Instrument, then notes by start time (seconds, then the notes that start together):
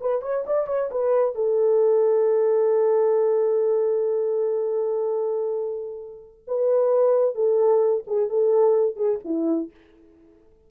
horn
0.00 B4
0.22 C#5
0.46 D5
0.67 C#5
0.91 B4
1.35 A4
6.47 B4
7.35 A4
8.07 G#4
8.29 A4
8.96 G#4
9.24 E4